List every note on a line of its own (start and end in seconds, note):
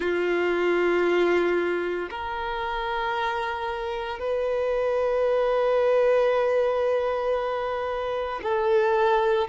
0.00 2.09 F4
2.10 4.19 A#4
4.19 8.40 B4
8.42 9.47 A4